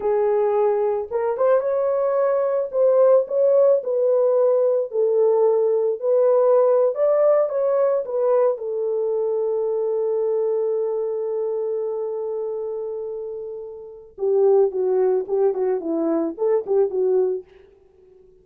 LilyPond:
\new Staff \with { instrumentName = "horn" } { \time 4/4 \tempo 4 = 110 gis'2 ais'8 c''8 cis''4~ | cis''4 c''4 cis''4 b'4~ | b'4 a'2 b'4~ | b'8. d''4 cis''4 b'4 a'16~ |
a'1~ | a'1~ | a'2 g'4 fis'4 | g'8 fis'8 e'4 a'8 g'8 fis'4 | }